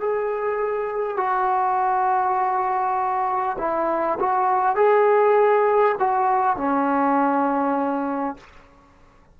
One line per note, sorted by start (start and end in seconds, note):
0.00 1.17 G#4
1.17 3.57 F#4
3.58 4.18 E4
4.19 4.76 F#4
4.76 5.96 G#4
5.99 6.57 F#4
6.57 8.37 C#4